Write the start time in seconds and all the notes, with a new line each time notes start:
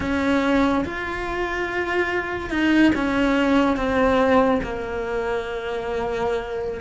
0.00 C#4
0.84 F4
2.50 D#4
2.95 C#4
3.76 C4
4.63 A#3